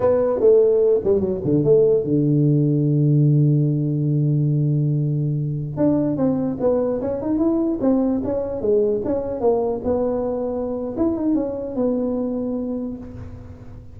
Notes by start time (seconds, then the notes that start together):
0.00 B3
0.40 A3
1.04 G3
1.20 F#3
1.44 D3
1.63 A3
2.03 D3
5.77 D4
6.16 C4
6.60 B3
7.01 C#4
7.21 D#4
7.38 E4
7.80 C4
8.24 C#4
8.61 G#3
9.05 C#4
9.40 A#3
9.84 B3
10.97 E4
11.17 D#4
11.35 C#4
11.75 B3